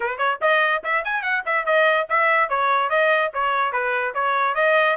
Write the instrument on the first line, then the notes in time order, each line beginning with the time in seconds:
trumpet
0.00 B4
0.18 C#5
0.41 D#5
0.83 E5
1.04 G#5
1.22 F#5
1.45 E5
1.65 D#5
2.09 E5
2.49 C#5
2.89 D#5
3.33 C#5
3.72 B4
4.14 C#5
4.55 D#5